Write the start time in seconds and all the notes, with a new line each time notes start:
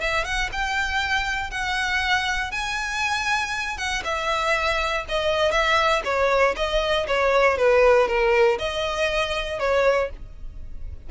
0.00 E5
0.24 F#5
0.52 G5
1.50 F#5
2.51 G#5
3.77 F#5
4.04 E5
5.08 D#5
5.51 E5
6.04 C#5
6.56 D#5
7.07 C#5
7.57 B4
8.07 A#4
8.59 D#5
9.59 C#5